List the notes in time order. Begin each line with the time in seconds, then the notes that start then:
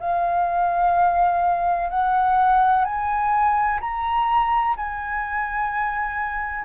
0.00 F5
1.90 F#5
2.85 G#5
3.81 A#5
4.77 G#5